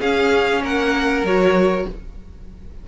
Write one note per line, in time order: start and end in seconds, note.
0.00 1.24 C#4
0.00 0.61 C#4
0.00 0.62 G#4
0.00 0.63 F5
0.61 1.23 A#3
0.61 1.87 A#4
0.61 1.26 F#5
1.23 1.85 F#3
1.23 1.88 F#4
1.23 1.88 C#5